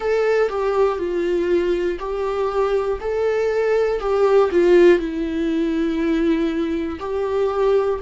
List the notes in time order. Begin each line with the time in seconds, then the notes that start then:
0.00 A4
0.49 G4
0.98 F4
1.99 G4
3.00 A4
4.00 G4
4.51 F4
4.98 E4
6.99 G4